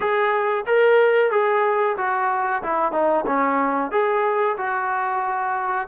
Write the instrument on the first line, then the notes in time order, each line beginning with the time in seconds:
trombone
0.00 G#4
0.66 A#4
1.31 G#4
1.97 F#4
2.62 E4
2.92 D#4
3.26 C#4
3.91 G#4
4.57 F#4